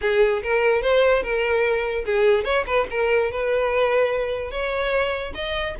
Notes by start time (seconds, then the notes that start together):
0.01 G#4
0.42 A#4
0.82 C5
1.22 A#4
2.05 G#4
2.44 C#5
2.66 B4
2.90 A#4
3.31 B4
4.50 C#5
5.34 D#5